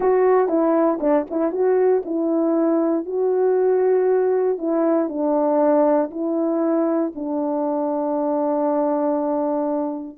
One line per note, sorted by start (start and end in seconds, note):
0.00 0.48 F#4
0.48 0.99 E4
1.00 1.26 D4
1.30 1.51 E4
1.51 2.02 F#4
2.05 3.05 E4
3.05 4.57 F#4
4.57 5.08 E4
5.08 6.10 D4
6.10 7.12 E4
7.15 10.17 D4